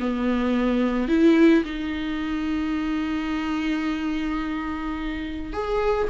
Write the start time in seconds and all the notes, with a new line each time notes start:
0.00 B3
1.09 E4
1.65 D#4
5.53 G#4